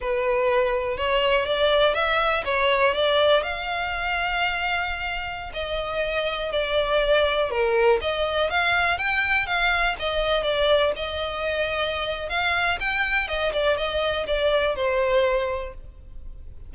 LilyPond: \new Staff \with { instrumentName = "violin" } { \time 4/4 \tempo 4 = 122 b'2 cis''4 d''4 | e''4 cis''4 d''4 f''4~ | f''2.~ f''16 dis''8.~ | dis''4~ dis''16 d''2 ais'8.~ |
ais'16 dis''4 f''4 g''4 f''8.~ | f''16 dis''4 d''4 dis''4.~ dis''16~ | dis''4 f''4 g''4 dis''8 d''8 | dis''4 d''4 c''2 | }